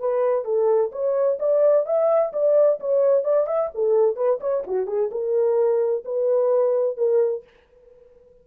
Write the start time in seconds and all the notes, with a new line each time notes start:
0.00 B4
0.45 A4
0.93 C#5
1.40 D5
1.86 E5
2.33 D5
2.81 C#5
3.25 D5
3.47 E5
3.75 A4
4.16 B4
4.41 C#5
4.67 F#4
4.87 G#4
5.12 A#4
6.05 B4
6.98 A#4